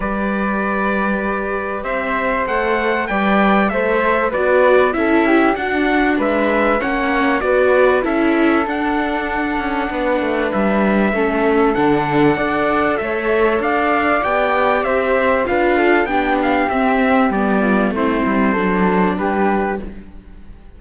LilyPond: <<
  \new Staff \with { instrumentName = "trumpet" } { \time 4/4 \tempo 4 = 97 d''2. e''4 | fis''4 g''4 e''4 d''4 | e''4 fis''4 e''4 fis''4 | d''4 e''4 fis''2~ |
fis''4 e''2 fis''4~ | fis''4 e''4 f''4 g''4 | e''4 f''4 g''8 f''8 e''4 | d''4 c''2 b'4 | }
  \new Staff \with { instrumentName = "flute" } { \time 4/4 b'2. c''4~ | c''4 d''4 c''4 b'4 | a'8 g'8 fis'4 b'4 cis''4 | b'4 a'2. |
b'2 a'2 | d''4 cis''4 d''2 | c''4 b'8 a'8 g'2~ | g'8 f'8 e'4 a'4 g'4 | }
  \new Staff \with { instrumentName = "viola" } { \time 4/4 g'1 | a'4 b'4 a'4 fis'4 | e'4 d'2 cis'4 | fis'4 e'4 d'2~ |
d'2 cis'4 d'4 | a'2. g'4~ | g'4 f'4 d'4 c'4 | b4 c'4 d'2 | }
  \new Staff \with { instrumentName = "cello" } { \time 4/4 g2. c'4 | a4 g4 a4 b4 | cis'4 d'4 gis4 ais4 | b4 cis'4 d'4. cis'8 |
b8 a8 g4 a4 d4 | d'4 a4 d'4 b4 | c'4 d'4 b4 c'4 | g4 a8 g8 fis4 g4 | }
>>